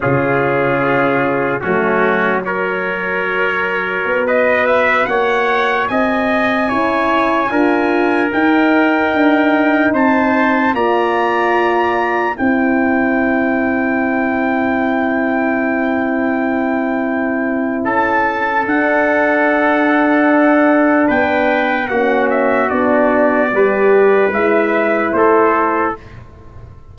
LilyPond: <<
  \new Staff \with { instrumentName = "trumpet" } { \time 4/4 \tempo 4 = 74 gis'2 fis'4 cis''4~ | cis''4~ cis''16 dis''8 e''8 fis''4 gis''8.~ | gis''2~ gis''16 g''4.~ g''16~ | g''16 a''4 ais''2 g''8.~ |
g''1~ | g''2 a''4 fis''4~ | fis''2 g''4 fis''8 e''8 | d''2 e''4 c''4 | }
  \new Staff \with { instrumentName = "trumpet" } { \time 4/4 f'2 cis'4 ais'4~ | ais'4~ ais'16 b'4 cis''4 dis''8.~ | dis''16 cis''4 ais'2~ ais'8.~ | ais'16 c''4 d''2 c''8.~ |
c''1~ | c''2 a'2~ | a'2 b'4 fis'4~ | fis'4 b'2 a'4 | }
  \new Staff \with { instrumentName = "horn" } { \time 4/4 cis'2 a4 fis'4~ | fis'1~ | fis'16 e'4 f'4 dis'4.~ dis'16~ | dis'4~ dis'16 f'2 e'8.~ |
e'1~ | e'2. d'4~ | d'2. cis'4 | d'4 g'4 e'2 | }
  \new Staff \with { instrumentName = "tuba" } { \time 4/4 cis2 fis2~ | fis4 b4~ b16 ais4 c'8.~ | c'16 cis'4 d'4 dis'4 d'8.~ | d'16 c'4 ais2 c'8.~ |
c'1~ | c'2 cis'4 d'4~ | d'2 b4 ais4 | b4 g4 gis4 a4 | }
>>